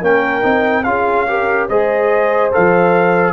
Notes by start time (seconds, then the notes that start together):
0.00 A#3 C#4 A#4 G5
0.41 C4 D#4
0.83 C#4 F4 G#4 F5
1.27 G4 A#4
1.68 G#3 G#4 C5 D#5
2.52 F3 A4 F5